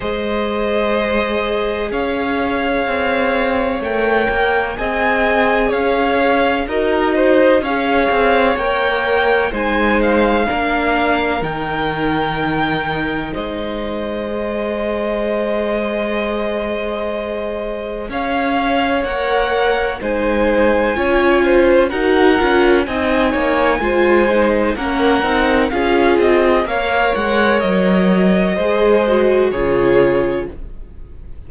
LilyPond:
<<
  \new Staff \with { instrumentName = "violin" } { \time 4/4 \tempo 4 = 63 dis''2 f''2 | g''4 gis''4 f''4 dis''4 | f''4 g''4 gis''8 f''4. | g''2 dis''2~ |
dis''2. f''4 | fis''4 gis''2 fis''4 | gis''2 fis''4 f''8 dis''8 | f''8 fis''8 dis''2 cis''4 | }
  \new Staff \with { instrumentName = "violin" } { \time 4/4 c''2 cis''2~ | cis''4 dis''4 cis''4 ais'8 c''8 | cis''2 c''4 ais'4~ | ais'2 c''2~ |
c''2. cis''4~ | cis''4 c''4 cis''8 c''8 ais'4 | dis''8 cis''8 c''4 ais'4 gis'4 | cis''2 c''4 gis'4 | }
  \new Staff \with { instrumentName = "viola" } { \time 4/4 gis'1 | ais'4 gis'2 fis'4 | gis'4 ais'4 dis'4 d'4 | dis'2. gis'4~ |
gis'1 | ais'4 dis'4 f'4 fis'8 f'8 | dis'4 f'8 dis'8 cis'8 dis'8 f'4 | ais'2 gis'8 fis'8 f'4 | }
  \new Staff \with { instrumentName = "cello" } { \time 4/4 gis2 cis'4 c'4 | a8 ais8 c'4 cis'4 dis'4 | cis'8 c'8 ais4 gis4 ais4 | dis2 gis2~ |
gis2. cis'4 | ais4 gis4 cis'4 dis'8 cis'8 | c'8 ais8 gis4 ais8 c'8 cis'8 c'8 | ais8 gis8 fis4 gis4 cis4 | }
>>